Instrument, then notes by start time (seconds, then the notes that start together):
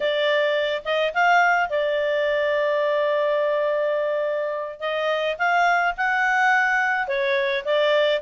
clarinet
0.00 D5
0.84 D#5
1.13 F5
1.69 D5
4.80 D#5
5.38 F5
5.97 F#5
7.07 C#5
7.64 D5